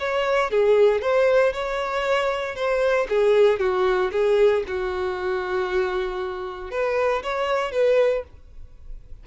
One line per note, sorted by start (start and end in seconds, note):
0.00 0.51 C#5
0.51 1.02 G#4
1.02 1.53 C5
1.53 2.56 C#5
2.56 3.08 C5
3.10 3.60 G#4
3.60 4.11 F#4
4.12 4.64 G#4
4.68 6.71 F#4
6.71 7.23 B4
7.24 7.72 C#5
7.72 8.24 B4